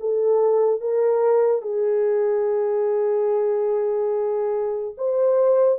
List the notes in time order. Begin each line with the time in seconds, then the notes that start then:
0.00 A4
0.80 A#4
1.62 G#4
4.97 C5